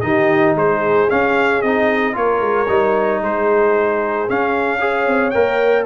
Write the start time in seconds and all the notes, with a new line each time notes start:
0.00 D#3 D#4 G4 D#5
0.54 G#3 G#4 C5
1.09 C#4 F5
1.62 C4 D#4 D#5
2.13 A#3 F4 A#4 C#5
2.40 G#3
2.68 G3 D#4
3.21 G#3 G#4 C5
4.28 C#4 F5
4.79 G#4 C#5
5.07 C4
5.30 A#3 A#4 G5